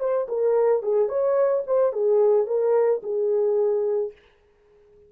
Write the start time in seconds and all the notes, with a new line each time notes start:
0.00 C5
0.29 A#4
0.83 G#4
1.09 C#5
1.67 C5
1.93 G#4
2.47 A#4
3.03 G#4